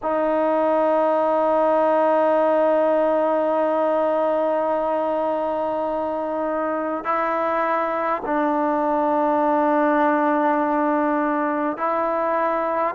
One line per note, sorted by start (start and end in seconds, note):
0.02 7.04 D#4
7.04 8.22 E4
8.25 11.76 D4
11.76 12.94 E4